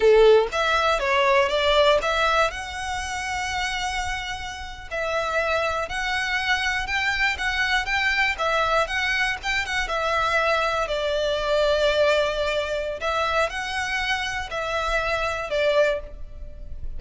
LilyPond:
\new Staff \with { instrumentName = "violin" } { \time 4/4 \tempo 4 = 120 a'4 e''4 cis''4 d''4 | e''4 fis''2.~ | fis''4.~ fis''16 e''2 fis''16~ | fis''4.~ fis''16 g''4 fis''4 g''16~ |
g''8. e''4 fis''4 g''8 fis''8 e''16~ | e''4.~ e''16 d''2~ d''16~ | d''2 e''4 fis''4~ | fis''4 e''2 d''4 | }